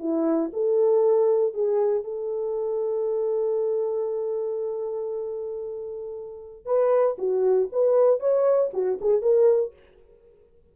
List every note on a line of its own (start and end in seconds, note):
0.00 0.51 E4
0.53 1.54 A4
1.54 2.04 G#4
2.04 6.66 A4
6.66 7.17 B4
7.18 7.70 F#4
7.73 8.20 B4
8.20 8.72 C#5
8.74 8.99 F#4
9.02 9.22 G#4
9.22 9.73 A#4